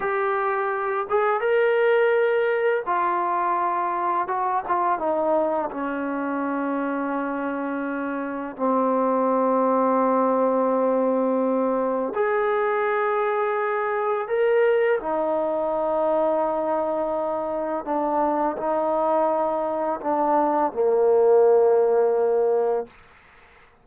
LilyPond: \new Staff \with { instrumentName = "trombone" } { \time 4/4 \tempo 4 = 84 g'4. gis'8 ais'2 | f'2 fis'8 f'8 dis'4 | cis'1 | c'1~ |
c'4 gis'2. | ais'4 dis'2.~ | dis'4 d'4 dis'2 | d'4 ais2. | }